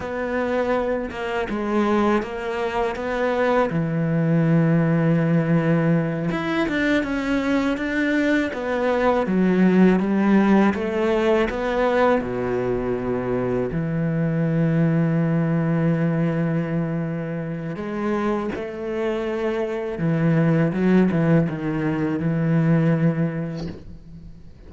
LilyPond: \new Staff \with { instrumentName = "cello" } { \time 4/4 \tempo 4 = 81 b4. ais8 gis4 ais4 | b4 e2.~ | e8 e'8 d'8 cis'4 d'4 b8~ | b8 fis4 g4 a4 b8~ |
b8 b,2 e4.~ | e1 | gis4 a2 e4 | fis8 e8 dis4 e2 | }